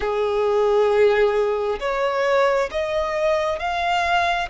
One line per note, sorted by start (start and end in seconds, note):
0.00 1.79 G#4
1.80 2.69 C#5
2.71 3.59 D#5
3.59 4.49 F5